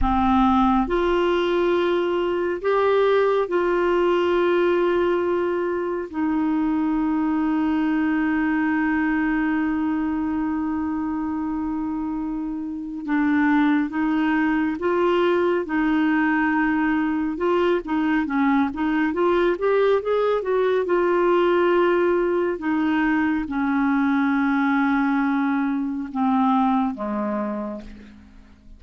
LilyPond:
\new Staff \with { instrumentName = "clarinet" } { \time 4/4 \tempo 4 = 69 c'4 f'2 g'4 | f'2. dis'4~ | dis'1~ | dis'2. d'4 |
dis'4 f'4 dis'2 | f'8 dis'8 cis'8 dis'8 f'8 g'8 gis'8 fis'8 | f'2 dis'4 cis'4~ | cis'2 c'4 gis4 | }